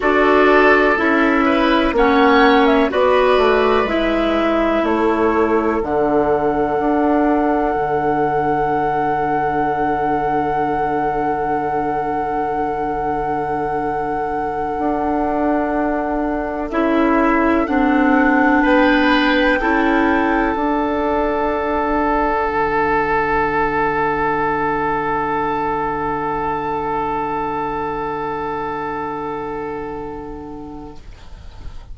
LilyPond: <<
  \new Staff \with { instrumentName = "flute" } { \time 4/4 \tempo 4 = 62 d''4 e''4 fis''8. e''16 d''4 | e''4 cis''4 fis''2~ | fis''1~ | fis''1~ |
fis''4~ fis''16 e''4 fis''4 g''8.~ | g''4~ g''16 fis''2~ fis''8.~ | fis''1~ | fis''1 | }
  \new Staff \with { instrumentName = "oboe" } { \time 4/4 a'4. b'8 cis''4 b'4~ | b'4 a'2.~ | a'1~ | a'1~ |
a'2.~ a'16 b'8.~ | b'16 a'2.~ a'8.~ | a'1~ | a'1 | }
  \new Staff \with { instrumentName = "clarinet" } { \time 4/4 fis'4 e'4 cis'4 fis'4 | e'2 d'2~ | d'1~ | d'1~ |
d'4~ d'16 e'4 d'4.~ d'16~ | d'16 e'4 d'2~ d'8.~ | d'1~ | d'1 | }
  \new Staff \with { instrumentName = "bassoon" } { \time 4/4 d'4 cis'4 ais4 b8 a8 | gis4 a4 d4 d'4 | d1~ | d2.~ d16 d'8.~ |
d'4~ d'16 cis'4 c'4 b8.~ | b16 cis'4 d'2 d8.~ | d1~ | d1 | }
>>